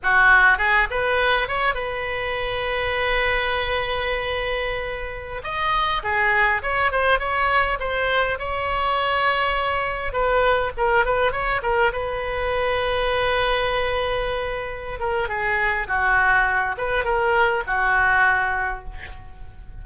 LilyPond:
\new Staff \with { instrumentName = "oboe" } { \time 4/4 \tempo 4 = 102 fis'4 gis'8 b'4 cis''8 b'4~ | b'1~ | b'4~ b'16 dis''4 gis'4 cis''8 c''16~ | c''16 cis''4 c''4 cis''4.~ cis''16~ |
cis''4~ cis''16 b'4 ais'8 b'8 cis''8 ais'16~ | ais'16 b'2.~ b'8.~ | b'4. ais'8 gis'4 fis'4~ | fis'8 b'8 ais'4 fis'2 | }